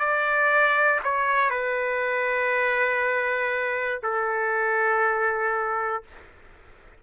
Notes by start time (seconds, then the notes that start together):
0.00 D5
1.04 C#5
1.50 B4
4.03 A4